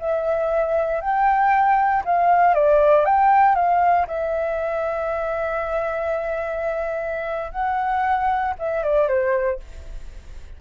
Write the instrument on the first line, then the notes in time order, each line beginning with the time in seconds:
flute
0.00 E5
1.01 G5
2.05 F5
2.55 D5
3.06 G5
3.56 F5
4.08 E5
7.52 F#5
8.59 E5
8.84 D5
9.09 C5